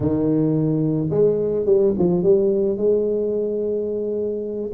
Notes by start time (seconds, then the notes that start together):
0.00 D#3
1.10 G#3
1.65 G3
1.98 F3
2.23 G3
2.77 G#3